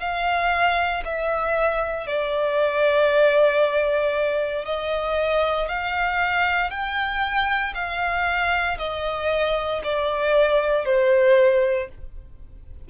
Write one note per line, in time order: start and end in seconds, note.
0.00 1.03 F5
1.05 2.07 E5
2.07 4.65 D5
4.65 5.68 D#5
5.68 6.70 F5
6.70 7.74 G5
7.74 8.78 F5
8.78 9.82 D#5
9.84 10.85 D5
10.85 11.89 C5